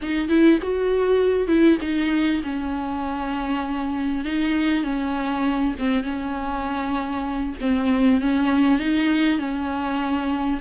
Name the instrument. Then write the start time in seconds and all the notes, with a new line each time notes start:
viola
0.02 D#4
0.28 E4
0.62 F#4
1.47 E4
1.81 D#4
2.43 C#4
4.25 D#4
4.83 C#4
5.78 C4
6.03 C#4
7.61 C4
8.20 C#4
8.79 D#4
9.38 C#4